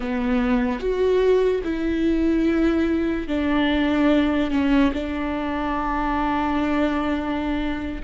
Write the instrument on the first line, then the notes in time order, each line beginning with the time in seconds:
viola
0.00 B3
0.79 F#4
1.63 E4
3.27 D4
4.51 C#4
4.93 D4